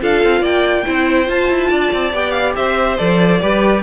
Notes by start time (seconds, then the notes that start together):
0.00 D4 F4 A4 F5
0.24 C4
0.41 A#3 D5 G5
0.86 C4 E4 C5
1.26 F4 A5
1.50 E4
1.70 D4 D5
1.93 C4
2.14 B3 G4 G5
2.32 F5
2.56 C4 C5 E5
2.98 F3 A4 D5
3.41 G3 G4 B4